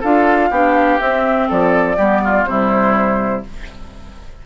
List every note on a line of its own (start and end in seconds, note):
0.00 0.50 D4
0.00 0.52 F4
0.00 0.49 A4
0.00 0.99 F5
0.50 0.99 B3
0.50 0.99 D4
0.50 1.48 G4
0.99 1.97 C4
0.99 1.49 C4
0.99 1.48 E5
1.48 1.98 F3
1.48 1.96 A4
1.48 2.45 D5
1.96 2.45 G3
1.96 2.47 B3
1.96 2.21 G4
2.24 2.48 F4
2.45 3.42 C3
2.45 3.45 G3
2.45 3.46 E4
2.45 3.42 C5